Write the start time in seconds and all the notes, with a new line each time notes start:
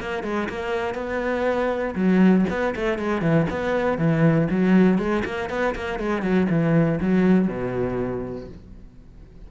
0.00 A#3
0.23 G#3
0.49 A#3
0.95 B3
1.95 F#3
2.50 B3
2.75 A3
2.98 G#3
3.21 E3
3.50 B3
3.98 E3
4.50 F#3
4.98 G#3
5.25 A#3
5.50 B3
5.75 A#3
5.99 G#3
6.22 F#3
6.50 E3
7.00 F#3
7.48 B2